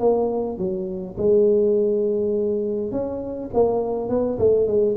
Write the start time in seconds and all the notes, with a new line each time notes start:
0.00 A#3
0.58 F#3
1.18 G#3
2.92 C#4
3.54 A#3
4.10 B3
4.39 A3
4.68 G#3